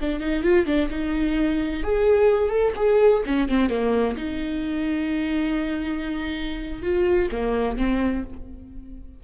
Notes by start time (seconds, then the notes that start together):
0.00 D4
0.19 D#4
0.43 F4
0.66 D4
0.90 D#4
1.83 G#4
2.49 A4
2.76 G#4
3.26 C#4
3.48 C4
3.69 A#3
4.16 D#4
6.82 F4
7.31 A#3
7.77 C4